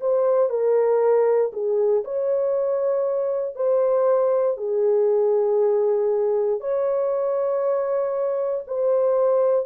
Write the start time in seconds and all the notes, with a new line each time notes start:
0.00 C5
0.49 A#4
1.53 G#4
2.04 C#5
3.55 C5
4.57 G#4
6.61 C#5
8.67 C5